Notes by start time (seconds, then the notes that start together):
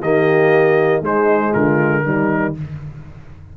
0.00 D#3 A#3 G4 D#5
1.01 G#3 D#4 C5
1.51 D3 F4 A#4
2.03 D#3 G3 D#4